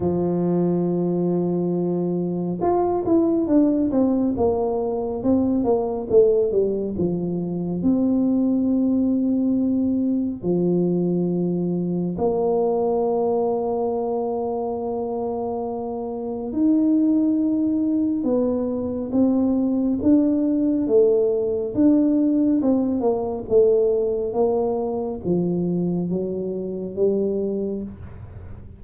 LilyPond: \new Staff \with { instrumentName = "tuba" } { \time 4/4 \tempo 4 = 69 f2. f'8 e'8 | d'8 c'8 ais4 c'8 ais8 a8 g8 | f4 c'2. | f2 ais2~ |
ais2. dis'4~ | dis'4 b4 c'4 d'4 | a4 d'4 c'8 ais8 a4 | ais4 f4 fis4 g4 | }